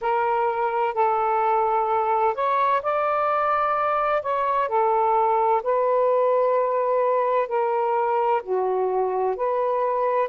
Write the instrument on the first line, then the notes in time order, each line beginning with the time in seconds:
saxophone
0.01 A#4
0.94 A4
2.34 C#5
2.82 D5
4.22 C#5
4.68 A4
5.63 B4
7.48 A#4
8.42 F#4
9.35 B4